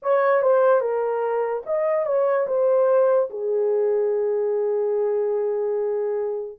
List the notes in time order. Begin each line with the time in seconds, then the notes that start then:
0.02 C#5
0.41 C5
0.80 A#4
1.66 D#5
2.05 C#5
2.47 C5
3.30 G#4